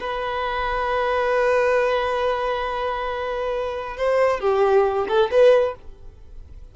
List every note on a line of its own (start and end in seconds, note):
0.00 3.96 B4
3.96 4.40 C5
4.40 5.06 G4
5.08 5.30 A4
5.31 5.75 B4